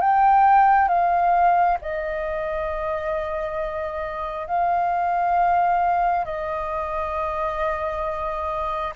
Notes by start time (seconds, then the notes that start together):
0.00 G5
0.88 F5
1.81 D#5
4.47 F5
6.24 D#5